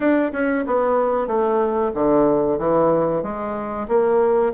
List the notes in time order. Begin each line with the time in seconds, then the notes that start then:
0.00 D4
0.32 C#4
0.66 B3
1.27 A3
1.94 D3
2.58 E3
3.22 G#3
3.88 A#3